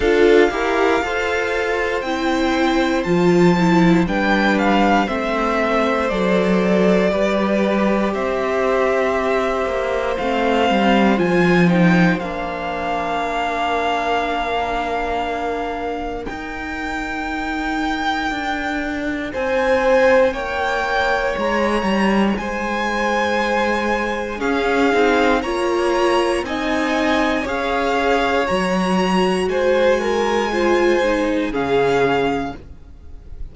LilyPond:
<<
  \new Staff \with { instrumentName = "violin" } { \time 4/4 \tempo 4 = 59 f''2 g''4 a''4 | g''8 f''8 e''4 d''2 | e''2 f''4 gis''8 g''8 | f''1 |
g''2. gis''4 | g''4 ais''4 gis''2 | f''4 ais''4 gis''4 f''4 | ais''4 gis''2 f''4 | }
  \new Staff \with { instrumentName = "violin" } { \time 4/4 a'8 ais'8 c''2. | b'4 c''2 b'4 | c''1~ | c''4 ais'2.~ |
ais'2. c''4 | cis''2 c''2 | gis'4 cis''4 dis''4 cis''4~ | cis''4 c''8 ais'8 c''4 gis'4 | }
  \new Staff \with { instrumentName = "viola" } { \time 4/4 f'8 g'8 a'4 e'4 f'8 e'8 | d'4 c'4 a'4 g'4~ | g'2 c'4 f'8 dis'8 | d'1 |
dis'1~ | dis'1 | cis'8 dis'8 f'4 dis'4 gis'4 | fis'2 f'8 dis'8 cis'4 | }
  \new Staff \with { instrumentName = "cello" } { \time 4/4 d'8 e'8 f'4 c'4 f4 | g4 a4 fis4 g4 | c'4. ais8 a8 g8 f4 | ais1 |
dis'2 d'4 c'4 | ais4 gis8 g8 gis2 | cis'8 c'8 ais4 c'4 cis'4 | fis4 gis2 cis4 | }
>>